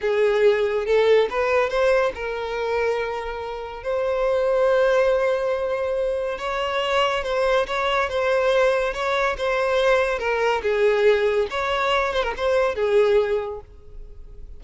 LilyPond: \new Staff \with { instrumentName = "violin" } { \time 4/4 \tempo 4 = 141 gis'2 a'4 b'4 | c''4 ais'2.~ | ais'4 c''2.~ | c''2. cis''4~ |
cis''4 c''4 cis''4 c''4~ | c''4 cis''4 c''2 | ais'4 gis'2 cis''4~ | cis''8 c''16 ais'16 c''4 gis'2 | }